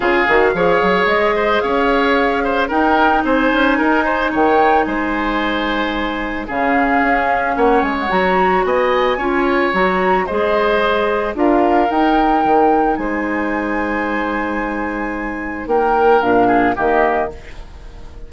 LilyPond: <<
  \new Staff \with { instrumentName = "flute" } { \time 4/4 \tempo 4 = 111 f''2 dis''4 f''4~ | f''4 g''4 gis''2 | g''4 gis''2. | f''2 fis''8 gis''16 fis''16 ais''4 |
gis''2 ais''4 dis''4~ | dis''4 f''4 g''2 | gis''1~ | gis''4 g''4 f''4 dis''4 | }
  \new Staff \with { instrumentName = "oboe" } { \time 4/4 gis'4 cis''4. c''8 cis''4~ | cis''8 c''8 ais'4 c''4 ais'8 c''8 | cis''4 c''2. | gis'2 cis''2 |
dis''4 cis''2 c''4~ | c''4 ais'2. | c''1~ | c''4 ais'4. gis'8 g'4 | }
  \new Staff \with { instrumentName = "clarinet" } { \time 4/4 f'8 fis'8 gis'2.~ | gis'4 dis'2.~ | dis'1 | cis'2. fis'4~ |
fis'4 f'4 fis'4 gis'4~ | gis'4 f'4 dis'2~ | dis'1~ | dis'2 d'4 ais4 | }
  \new Staff \with { instrumentName = "bassoon" } { \time 4/4 cis8 dis8 f8 fis8 gis4 cis'4~ | cis'4 dis'4 c'8 cis'8 dis'4 | dis4 gis2. | cis4 cis'4 ais8 gis8 fis4 |
b4 cis'4 fis4 gis4~ | gis4 d'4 dis'4 dis4 | gis1~ | gis4 ais4 ais,4 dis4 | }
>>